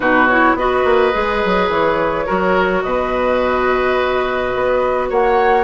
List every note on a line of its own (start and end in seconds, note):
0.00 0.54 B2
0.00 0.27 D#4
0.00 0.55 F#4
0.00 0.27 B4
0.27 0.58 E4
0.27 0.55 C#5
0.54 0.83 B3
0.54 1.12 F#4
0.54 2.26 B4
0.54 1.70 D#5
0.84 1.12 A#3
1.12 1.43 G#3
1.12 2.25 G#4
1.45 1.68 F#3
1.68 2.25 E3
1.68 2.81 C#5
2.26 2.83 F#3
2.26 5.63 F#4
2.26 2.82 A#4
2.81 4.53 B2
2.81 5.09 B4
2.81 5.08 D#5
4.54 5.10 B3
5.09 5.63 A#3
5.09 5.63 C#5
5.09 5.63 F#5